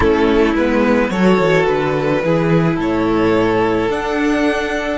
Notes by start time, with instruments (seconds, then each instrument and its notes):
0.00 cello A3, viola C#4, violin E4 A4
0.53 cello G#3, viola B3, violin B4
1.09 cello F#3, viola F#4, violin A4 C#5
1.39 cello E3
1.66 cello D3, violin B4
2.22 cello E3, viola E4, violin G#4
2.76 cello A2, violin A4 C#5
3.89 cello D4, viola D4, violin F#5